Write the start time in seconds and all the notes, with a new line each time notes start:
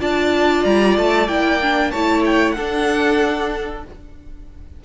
0.00 D4 F4 D5 A5
0.65 G3 A#5
0.97 A3 A5
1.28 A#3 E4 G5
1.62 D4
1.91 A3 E4 C#5 A5
2.26 G5
2.52 D4 A4 F#5